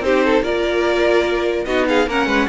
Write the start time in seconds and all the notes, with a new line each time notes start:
0.00 C4 D#4 G4 C5
0.24 A4
0.42 A#3 F4 A#4 D5
1.64 B3 D#4 F#4 D#5
1.88 G#4 F5
2.06 A#3 C#4 A#4 F#5
2.26 G#3 B4